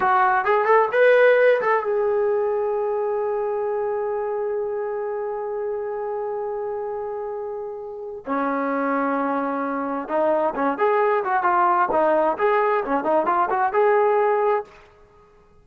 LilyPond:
\new Staff \with { instrumentName = "trombone" } { \time 4/4 \tempo 4 = 131 fis'4 gis'8 a'8 b'4. a'8 | gis'1~ | gis'1~ | gis'1~ |
gis'2 cis'2~ | cis'2 dis'4 cis'8 gis'8~ | gis'8 fis'8 f'4 dis'4 gis'4 | cis'8 dis'8 f'8 fis'8 gis'2 | }